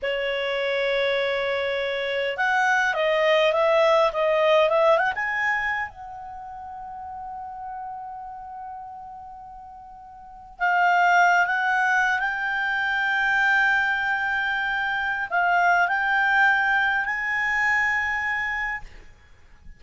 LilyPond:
\new Staff \with { instrumentName = "clarinet" } { \time 4/4 \tempo 4 = 102 cis''1 | fis''4 dis''4 e''4 dis''4 | e''8 fis''16 gis''4~ gis''16 fis''2~ | fis''1~ |
fis''2 f''4. fis''8~ | fis''8. g''2.~ g''16~ | g''2 f''4 g''4~ | g''4 gis''2. | }